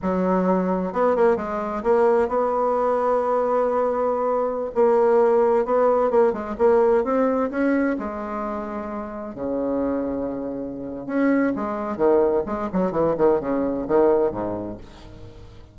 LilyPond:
\new Staff \with { instrumentName = "bassoon" } { \time 4/4 \tempo 4 = 130 fis2 b8 ais8 gis4 | ais4 b2.~ | b2~ b16 ais4.~ ais16~ | ais16 b4 ais8 gis8 ais4 c'8.~ |
c'16 cis'4 gis2~ gis8.~ | gis16 cis2.~ cis8. | cis'4 gis4 dis4 gis8 fis8 | e8 dis8 cis4 dis4 gis,4 | }